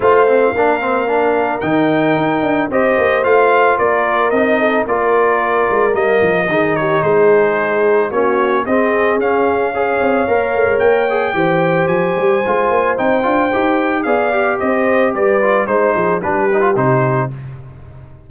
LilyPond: <<
  \new Staff \with { instrumentName = "trumpet" } { \time 4/4 \tempo 4 = 111 f''2. g''4~ | g''4 dis''4 f''4 d''4 | dis''4 d''2 dis''4~ | dis''8 cis''8 c''2 cis''4 |
dis''4 f''2. | g''2 gis''2 | g''2 f''4 dis''4 | d''4 c''4 b'4 c''4 | }
  \new Staff \with { instrumentName = "horn" } { \time 4/4 c''4 ais'2.~ | ais'4 c''2 ais'4~ | ais'8 a'8 ais'2. | gis'8 g'8 gis'2 fis'4 |
gis'2 cis''2~ | cis''4 c''2.~ | c''2 d''4 c''4 | b'4 c''8 gis'8 g'2 | }
  \new Staff \with { instrumentName = "trombone" } { \time 4/4 f'8 c'8 d'8 c'8 d'4 dis'4~ | dis'4 g'4 f'2 | dis'4 f'2 ais4 | dis'2. cis'4 |
c'4 cis'4 gis'4 ais'4~ | ais'8 gis'8 g'2 f'4 | dis'8 f'8 g'4 gis'8 g'4.~ | g'8 f'8 dis'4 d'8 dis'16 f'16 dis'4 | }
  \new Staff \with { instrumentName = "tuba" } { \time 4/4 a4 ais2 dis4 | dis'8 d'8 c'8 ais8 a4 ais4 | c'4 ais4. gis8 g8 f8 | dis4 gis2 ais4 |
c'4 cis'4. c'8 ais8 a16 gis16 | ais4 e4 f8 g8 gis8 ais8 | c'8 d'8 dis'4 b4 c'4 | g4 gis8 f8 g4 c4 | }
>>